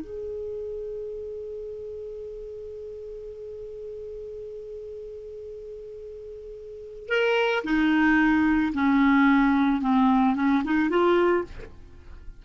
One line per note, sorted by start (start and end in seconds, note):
0.00 7.08 G#4
7.08 7.63 A#4
7.63 8.72 D#4
8.73 9.81 C#4
9.81 10.35 C4
10.35 10.62 C#4
10.64 10.89 D#4
10.89 11.44 F4